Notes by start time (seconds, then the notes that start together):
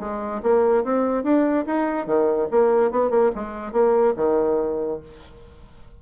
0.00 G#3
0.43 A#3
0.84 C4
1.24 D4
1.66 D#4
2.06 D#3
2.51 A#3
2.91 B3
3.10 A#3
3.35 G#3
3.73 A#3
4.17 D#3